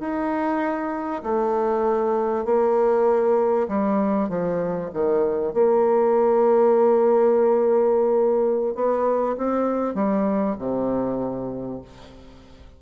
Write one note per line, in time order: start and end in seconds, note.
0.00 1.22 D#4
1.23 2.45 A3
2.45 3.67 A#3
3.68 4.29 G3
4.29 4.90 F3
4.93 5.54 D#3
5.54 8.75 A#3
8.75 9.36 B3
9.37 9.94 C4
9.94 10.56 G3
10.59 11.81 C3